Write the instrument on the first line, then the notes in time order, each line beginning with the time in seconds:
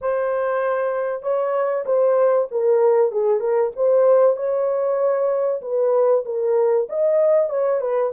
horn
0.01 C5
1.22 C#5
1.85 C5
2.51 A#4
3.11 G#4
3.40 A#4
3.76 C5
4.36 C#5
5.61 B4
6.25 A#4
6.89 D#5
7.49 C#5
7.80 B4